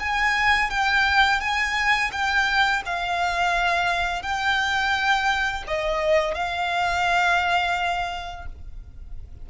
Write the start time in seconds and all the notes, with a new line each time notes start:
0.00 G#5
0.71 G5
1.41 G#5
2.12 G5
2.86 F5
4.23 G5
5.68 D#5
6.35 F5